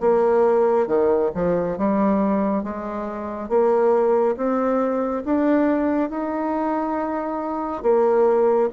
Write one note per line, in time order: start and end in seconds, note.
0.00 0.87 A#3
0.87 1.30 D#3
1.34 1.78 F3
1.78 2.63 G3
2.63 3.49 G#3
3.49 4.36 A#3
4.37 5.24 C4
5.25 6.10 D4
6.10 7.83 D#4
7.83 8.70 A#3